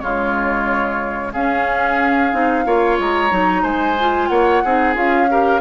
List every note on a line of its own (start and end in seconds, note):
0.00 1.33 C#3
0.00 1.33 G#3
0.00 1.32 F4
0.00 1.32 C#5
1.32 2.33 C#4
1.32 2.64 G#4
1.32 2.98 F5
2.33 2.66 C4
2.33 2.65 D#4
2.65 2.98 A#3
2.65 3.30 F4
2.65 3.62 C#5
2.99 3.31 G#3
2.99 3.64 A#5
3.30 3.63 F#3
3.30 3.96 D#4
3.62 4.29 G#3
3.62 4.28 C5
3.62 4.28 G#5
4.00 4.66 F4
4.28 4.62 A#3
4.28 4.63 C#5
4.28 4.94 F#5
4.64 4.96 C4
4.64 4.94 D#4
4.64 5.30 G#4
4.94 5.61 C#4
4.94 5.27 F4
4.94 5.61 F5
5.30 5.61 G4
5.30 5.61 A#4